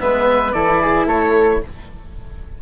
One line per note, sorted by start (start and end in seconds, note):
0.00 0.54 G#3
0.00 0.53 B3
0.00 0.54 B4
0.00 0.52 E5
0.52 1.06 E3
0.52 1.61 E4
0.52 0.80 A4
0.52 1.06 D5
0.80 1.07 G#4
1.06 1.60 A3
1.06 1.61 A4
1.06 1.62 C#5